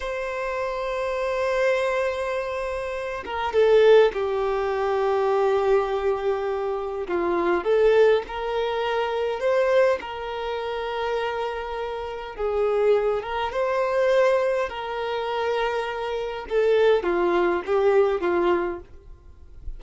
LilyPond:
\new Staff \with { instrumentName = "violin" } { \time 4/4 \tempo 4 = 102 c''1~ | c''4. ais'8 a'4 g'4~ | g'1 | f'4 a'4 ais'2 |
c''4 ais'2.~ | ais'4 gis'4. ais'8 c''4~ | c''4 ais'2. | a'4 f'4 g'4 f'4 | }